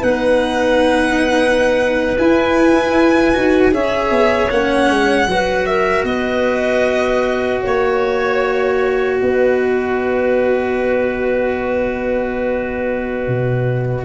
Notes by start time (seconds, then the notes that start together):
0.00 B3 D#4 B4 F#5
2.18 E4 G#5
3.34 D#4 F#4
3.71 C#4 G#4 C#5 E5
4.10 B3
4.50 A#3 C#4 F#5
4.89 G#3
5.27 F#3 F#4 B4
5.66 A#4 E5
6.03 B3 B4 D#5
7.62 A#3 C#5
9.19 B3 B4 D#5
13.27 B2